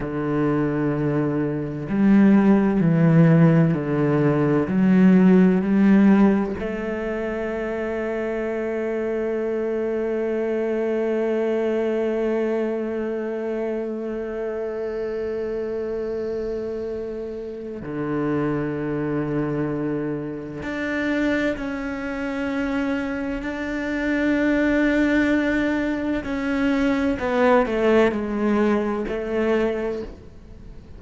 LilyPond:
\new Staff \with { instrumentName = "cello" } { \time 4/4 \tempo 4 = 64 d2 g4 e4 | d4 fis4 g4 a4~ | a1~ | a1~ |
a2. d4~ | d2 d'4 cis'4~ | cis'4 d'2. | cis'4 b8 a8 gis4 a4 | }